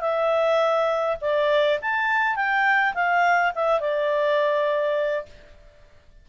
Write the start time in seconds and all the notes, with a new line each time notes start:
0.00 E5
1.20 D5
1.82 A5
2.35 G5
2.94 F5
3.55 E5
3.80 D5